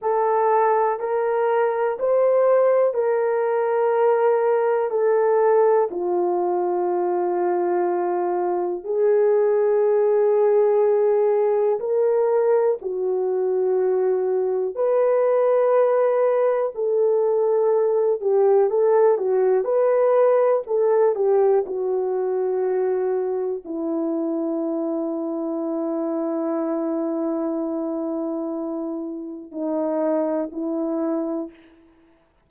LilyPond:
\new Staff \with { instrumentName = "horn" } { \time 4/4 \tempo 4 = 61 a'4 ais'4 c''4 ais'4~ | ais'4 a'4 f'2~ | f'4 gis'2. | ais'4 fis'2 b'4~ |
b'4 a'4. g'8 a'8 fis'8 | b'4 a'8 g'8 fis'2 | e'1~ | e'2 dis'4 e'4 | }